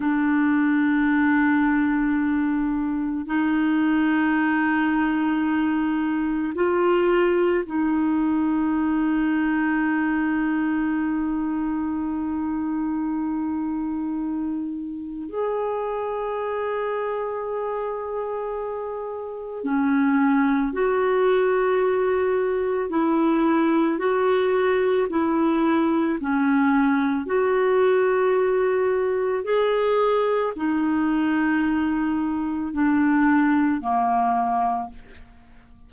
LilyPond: \new Staff \with { instrumentName = "clarinet" } { \time 4/4 \tempo 4 = 55 d'2. dis'4~ | dis'2 f'4 dis'4~ | dis'1~ | dis'2 gis'2~ |
gis'2 cis'4 fis'4~ | fis'4 e'4 fis'4 e'4 | cis'4 fis'2 gis'4 | dis'2 d'4 ais4 | }